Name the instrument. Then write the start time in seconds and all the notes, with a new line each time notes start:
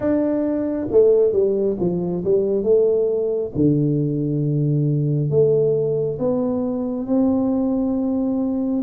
tuba
0.00 D4
0.91 A3
1.32 G3
1.79 F3
2.24 G3
2.63 A3
3.55 D3
5.29 A3
6.18 B3
7.06 C4